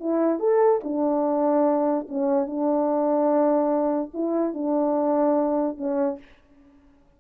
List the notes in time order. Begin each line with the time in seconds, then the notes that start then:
0.00 E4
0.40 A4
0.84 D4
2.09 C#4
2.47 D4
4.14 E4
4.54 D4
5.78 C#4